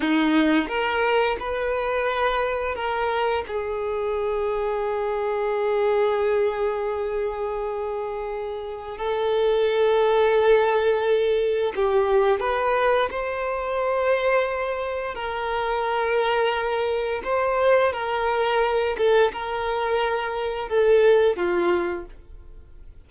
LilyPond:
\new Staff \with { instrumentName = "violin" } { \time 4/4 \tempo 4 = 87 dis'4 ais'4 b'2 | ais'4 gis'2.~ | gis'1~ | gis'4 a'2.~ |
a'4 g'4 b'4 c''4~ | c''2 ais'2~ | ais'4 c''4 ais'4. a'8 | ais'2 a'4 f'4 | }